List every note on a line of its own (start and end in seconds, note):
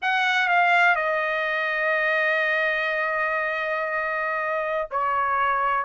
0.02 0.48 F#5
0.48 0.95 F5
0.95 4.88 D#5
4.90 5.85 C#5